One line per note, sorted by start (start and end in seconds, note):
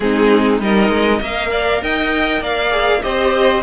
0.00 0.60 G#3
0.00 0.61 C4
0.00 0.62 D#4
0.00 0.59 G#4
0.60 0.89 G3
0.60 1.22 D#4
0.60 1.18 A#4
0.60 1.22 D#5
0.89 1.19 G#3
1.18 1.81 A#3
1.18 2.70 A#4
1.18 1.48 D#5
1.18 1.83 F5
1.51 1.81 D5
1.81 2.40 D#4
1.81 2.41 D#5
1.81 2.43 G5
2.40 3.01 A#3
2.40 3.01 D5
2.40 3.02 F5
2.70 3.01 G#4
3.02 3.62 C4
3.02 3.62 G4
3.02 3.62 C5
3.02 3.62 D#5